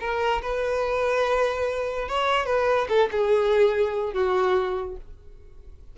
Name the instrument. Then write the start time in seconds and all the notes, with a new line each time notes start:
violin
0.00 A#4
0.42 B4
2.08 C#5
2.46 B4
2.89 A4
3.12 G#4
4.13 F#4